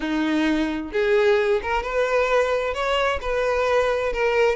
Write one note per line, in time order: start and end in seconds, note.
0.00 0.91 D#4
0.92 1.61 G#4
1.62 1.83 A#4
1.83 2.74 B4
2.74 3.19 C#5
3.21 4.12 B4
4.12 4.55 A#4